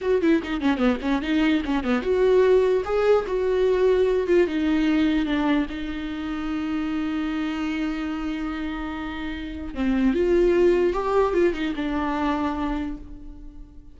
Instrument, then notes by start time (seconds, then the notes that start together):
viola
0.01 F#4
0.21 E4
0.43 D#4
0.60 C#4
0.77 B3
1.01 C#4
1.22 D#4
1.65 C#4
1.83 B3
2.02 F#4
2.84 G#4
3.27 F#4
4.27 F4
4.47 D#4
5.25 D4
5.69 D#4
9.74 C4
10.13 F4
10.93 G4
11.33 F4
11.53 D#4
11.75 D4